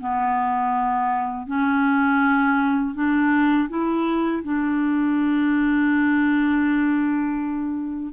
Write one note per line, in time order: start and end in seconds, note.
0.00 1.47 B3
1.47 2.95 C#4
2.95 3.69 D4
3.69 4.43 E4
4.44 8.13 D4